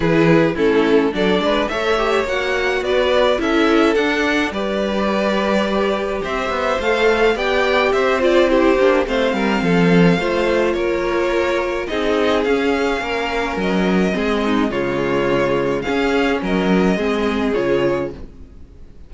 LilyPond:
<<
  \new Staff \with { instrumentName = "violin" } { \time 4/4 \tempo 4 = 106 b'4 a'4 d''4 e''4 | fis''4 d''4 e''4 fis''4 | d''2. e''4 | f''4 g''4 e''8 d''8 c''4 |
f''2. cis''4~ | cis''4 dis''4 f''2 | dis''2 cis''2 | f''4 dis''2 cis''4 | }
  \new Staff \with { instrumentName = "violin" } { \time 4/4 gis'4 e'4 a'8 b'8 cis''4~ | cis''4 b'4 a'2 | b'2. c''4~ | c''4 d''4 c''4 g'4 |
c''8 ais'8 a'4 c''4 ais'4~ | ais'4 gis'2 ais'4~ | ais'4 gis'8 dis'8 f'2 | gis'4 ais'4 gis'2 | }
  \new Staff \with { instrumentName = "viola" } { \time 4/4 e'4 cis'4 d'4 a'8 g'8 | fis'2 e'4 d'4 | g'1 | a'4 g'4. f'8 e'8 d'8 |
c'2 f'2~ | f'4 dis'4 cis'2~ | cis'4 c'4 gis2 | cis'2 c'4 f'4 | }
  \new Staff \with { instrumentName = "cello" } { \time 4/4 e4 a4 fis8 gis8 a4 | ais4 b4 cis'4 d'4 | g2. c'8 b8 | a4 b4 c'4. ais8 |
a8 g8 f4 a4 ais4~ | ais4 c'4 cis'4 ais4 | fis4 gis4 cis2 | cis'4 fis4 gis4 cis4 | }
>>